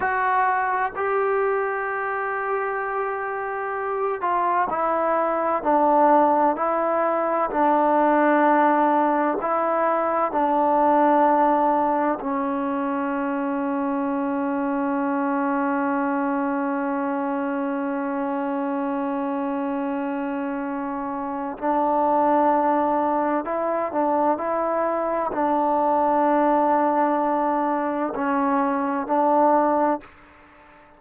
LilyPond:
\new Staff \with { instrumentName = "trombone" } { \time 4/4 \tempo 4 = 64 fis'4 g'2.~ | g'8 f'8 e'4 d'4 e'4 | d'2 e'4 d'4~ | d'4 cis'2.~ |
cis'1~ | cis'2. d'4~ | d'4 e'8 d'8 e'4 d'4~ | d'2 cis'4 d'4 | }